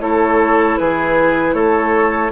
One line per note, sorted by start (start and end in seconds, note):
0.00 0.77 A3
0.00 2.31 E4
0.00 0.79 A4
0.00 0.78 C#5
0.78 1.54 E3
0.78 1.55 G#4
0.78 1.54 B4
1.54 2.31 A3
1.54 2.32 A4
1.54 2.31 C#5